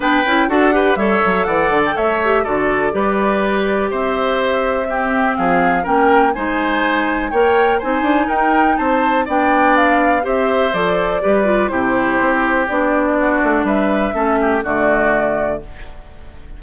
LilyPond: <<
  \new Staff \with { instrumentName = "flute" } { \time 4/4 \tempo 4 = 123 g''4 fis''4 e''4 fis''8. g''16 | e''4 d''2. | e''2. f''4 | g''4 gis''2 g''4 |
gis''4 g''4 a''4 g''4 | f''4 e''4 d''2 | c''2 d''2 | e''2 d''2 | }
  \new Staff \with { instrumentName = "oboe" } { \time 4/4 b'4 a'8 b'8 cis''4 d''4 | cis''4 a'4 b'2 | c''2 g'4 gis'4 | ais'4 c''2 cis''4 |
c''4 ais'4 c''4 d''4~ | d''4 c''2 b'4 | g'2. fis'4 | b'4 a'8 g'8 fis'2 | }
  \new Staff \with { instrumentName = "clarinet" } { \time 4/4 d'8 e'8 fis'8 g'8 a'2~ | a'8 g'8 fis'4 g'2~ | g'2 c'2 | cis'4 dis'2 ais'4 |
dis'2. d'4~ | d'4 g'4 a'4 g'8 f'8 | e'2 d'2~ | d'4 cis'4 a2 | }
  \new Staff \with { instrumentName = "bassoon" } { \time 4/4 b8 cis'8 d'4 g8 fis8 e8 d8 | a4 d4 g2 | c'2. f4 | ais4 gis2 ais4 |
c'8 d'8 dis'4 c'4 b4~ | b4 c'4 f4 g4 | c4 c'4 b4. a8 | g4 a4 d2 | }
>>